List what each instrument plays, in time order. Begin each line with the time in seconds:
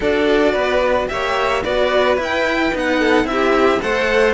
0.00 cello D4 F#4, violin A4 D5
0.52 cello B3, violin B4
1.08 cello A#3 G4, violin C#5 E5
1.63 cello B3 F#4, violin B4 D5
2.16 cello E4
2.22 violin G5
2.73 cello B3 D#4, violin F#5
2.99 violin A4
3.24 cello C4 E4, violin E5
3.31 violin G4
3.81 cello A3 A4, violin C5 F#5